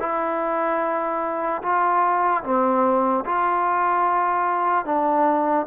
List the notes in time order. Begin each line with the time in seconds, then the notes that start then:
0.00 E4
1.63 F4
2.44 C4
3.25 F4
4.86 D4